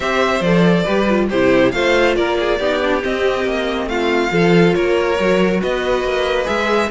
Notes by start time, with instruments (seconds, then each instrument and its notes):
0.00 cello C4, viola G4, violin C5 E5
0.40 cello F3, viola A4, violin D5
0.83 cello G3, viola G4, violin B4
1.09 viola F4
1.29 cello C3, viola E4, violin G4 C5
1.71 cello A3, viola F4, violin C5 F5
2.15 cello A#3, violin A#4 D5
2.39 violin G#4
2.58 cello B3, viola D#4, violin G4
2.82 viola D4
3.01 viola C4, cello C4, violin D#5
3.44 cello A#3
3.86 cello A3, violin F4 F5
4.29 cello F3, viola F4, violin A4
4.74 cello A#3, violin A#4 C#5
5.19 cello F#3, viola F#4
5.60 cello B3, violin B4 D#5
6.03 cello A#3
6.44 cello G#3, viola G#4, violin E5